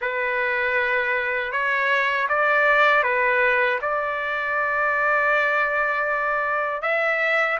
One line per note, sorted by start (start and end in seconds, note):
0.01 1.52 B4
1.52 2.28 C#5
2.29 3.03 D5
3.03 3.79 B4
3.81 6.81 D5
6.81 7.57 E5